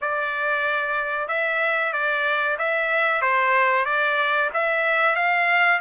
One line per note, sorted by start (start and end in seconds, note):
0.01 1.28 D5
1.28 1.92 E5
1.92 2.57 D5
2.58 3.21 E5
3.21 3.85 C5
3.85 4.50 D5
4.53 5.15 E5
5.15 5.80 F5